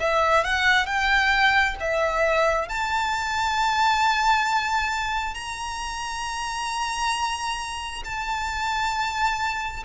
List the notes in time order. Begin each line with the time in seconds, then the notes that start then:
0.00 E5
0.44 F#5
0.86 G5
1.80 E5
2.68 A5
5.34 A#5
8.04 A5